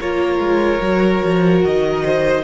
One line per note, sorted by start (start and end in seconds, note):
0.00 0.39 A#3
0.00 0.82 F4
0.00 2.04 A#4
0.00 1.63 C#5
0.39 0.80 G#3
0.82 1.22 F#3
0.82 2.44 F#4
1.25 1.66 F3
1.65 2.44 D#3
1.65 2.44 D#5
2.05 2.44 C5